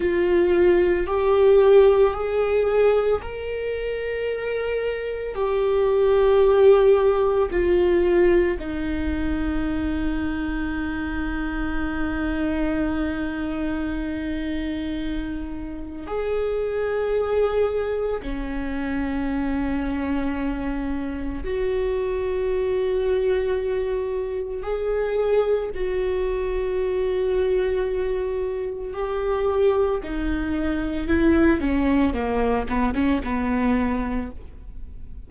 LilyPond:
\new Staff \with { instrumentName = "viola" } { \time 4/4 \tempo 4 = 56 f'4 g'4 gis'4 ais'4~ | ais'4 g'2 f'4 | dis'1~ | dis'2. gis'4~ |
gis'4 cis'2. | fis'2. gis'4 | fis'2. g'4 | dis'4 e'8 cis'8 ais8 b16 cis'16 b4 | }